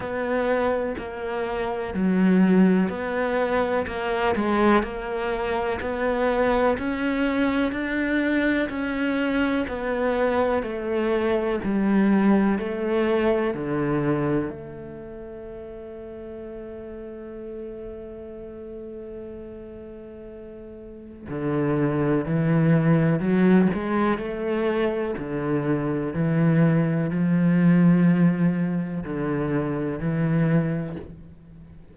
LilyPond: \new Staff \with { instrumentName = "cello" } { \time 4/4 \tempo 4 = 62 b4 ais4 fis4 b4 | ais8 gis8 ais4 b4 cis'4 | d'4 cis'4 b4 a4 | g4 a4 d4 a4~ |
a1~ | a2 d4 e4 | fis8 gis8 a4 d4 e4 | f2 d4 e4 | }